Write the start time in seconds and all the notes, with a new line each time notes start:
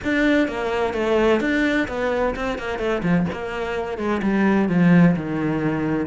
0.04 D4
0.48 A#3
0.93 A3
1.40 D4
1.88 B3
2.35 C4
2.58 A#3
2.78 A3
3.02 F3
3.32 A#3
3.98 G#3
4.22 G3
4.68 F3
5.15 D#3